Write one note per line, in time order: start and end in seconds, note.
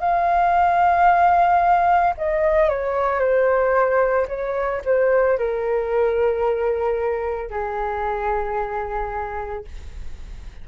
0.00 2.14 F5
2.18 2.69 D#5
2.69 3.20 C#5
3.20 4.27 C5
4.28 4.82 C#5
4.86 5.38 C5
5.38 7.50 A#4
7.50 9.65 G#4